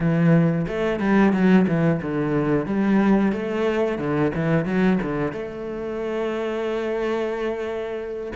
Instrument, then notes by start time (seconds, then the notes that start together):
cello
0.00 E3
0.67 A3
0.99 G3
1.32 F#3
1.67 E3
2.02 D3
2.65 G3
3.32 A3
3.98 D3
4.35 E3
4.65 F#3
5.02 D3
5.32 A3